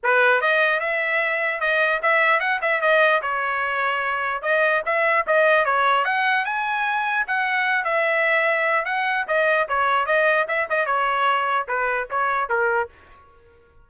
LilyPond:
\new Staff \with { instrumentName = "trumpet" } { \time 4/4 \tempo 4 = 149 b'4 dis''4 e''2 | dis''4 e''4 fis''8 e''8 dis''4 | cis''2. dis''4 | e''4 dis''4 cis''4 fis''4 |
gis''2 fis''4. e''8~ | e''2 fis''4 dis''4 | cis''4 dis''4 e''8 dis''8 cis''4~ | cis''4 b'4 cis''4 ais'4 | }